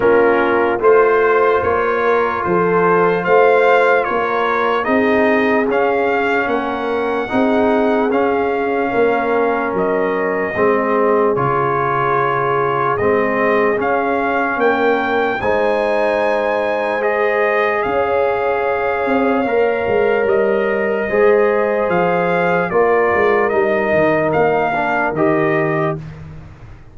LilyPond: <<
  \new Staff \with { instrumentName = "trumpet" } { \time 4/4 \tempo 4 = 74 ais'4 c''4 cis''4 c''4 | f''4 cis''4 dis''4 f''4 | fis''2 f''2 | dis''2 cis''2 |
dis''4 f''4 g''4 gis''4~ | gis''4 dis''4 f''2~ | f''4 dis''2 f''4 | d''4 dis''4 f''4 dis''4 | }
  \new Staff \with { instrumentName = "horn" } { \time 4/4 f'4 c''4. ais'8 a'4 | c''4 ais'4 gis'2 | ais'4 gis'2 ais'4~ | ais'4 gis'2.~ |
gis'2 ais'4 c''4~ | c''2 cis''2~ | cis''2 c''2 | ais'1 | }
  \new Staff \with { instrumentName = "trombone" } { \time 4/4 cis'4 f'2.~ | f'2 dis'4 cis'4~ | cis'4 dis'4 cis'2~ | cis'4 c'4 f'2 |
c'4 cis'2 dis'4~ | dis'4 gis'2. | ais'2 gis'2 | f'4 dis'4. d'8 g'4 | }
  \new Staff \with { instrumentName = "tuba" } { \time 4/4 ais4 a4 ais4 f4 | a4 ais4 c'4 cis'4 | ais4 c'4 cis'4 ais4 | fis4 gis4 cis2 |
gis4 cis'4 ais4 gis4~ | gis2 cis'4. c'8 | ais8 gis8 g4 gis4 f4 | ais8 gis8 g8 dis8 ais4 dis4 | }
>>